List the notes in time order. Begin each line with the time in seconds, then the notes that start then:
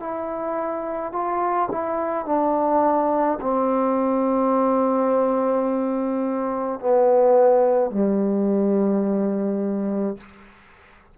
0.00 E4
1.13 F4
1.71 E4
2.26 D4
3.41 C4
6.80 B3
7.91 G3